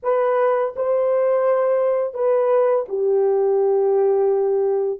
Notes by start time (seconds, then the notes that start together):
0.03 B4
0.76 C5
2.14 B4
2.88 G4